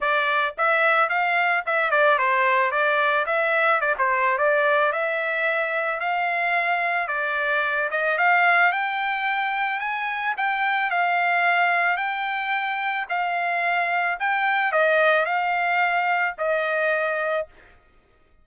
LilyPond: \new Staff \with { instrumentName = "trumpet" } { \time 4/4 \tempo 4 = 110 d''4 e''4 f''4 e''8 d''8 | c''4 d''4 e''4 d''16 c''8. | d''4 e''2 f''4~ | f''4 d''4. dis''8 f''4 |
g''2 gis''4 g''4 | f''2 g''2 | f''2 g''4 dis''4 | f''2 dis''2 | }